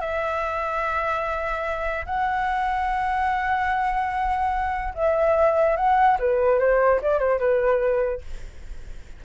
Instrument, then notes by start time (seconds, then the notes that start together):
flute
0.00 E5
2.06 F#5
4.94 E5
5.76 F#5
6.19 B4
6.59 C5
7.02 D5
7.19 C5
7.39 B4